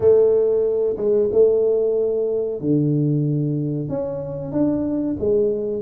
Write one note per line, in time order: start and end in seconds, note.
0.00 0.96 A3
0.96 1.29 G#3
1.31 2.60 A3
2.60 3.88 D3
3.88 4.52 C#4
4.52 5.16 D4
5.19 5.82 G#3